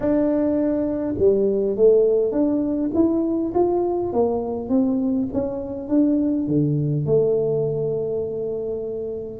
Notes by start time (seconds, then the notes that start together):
0.00 D4
1.18 G3
1.76 A3
2.32 D4
2.94 E4
3.54 F4
4.13 A#3
4.69 C4
5.33 C#4
5.88 D4
6.47 D3
7.06 A3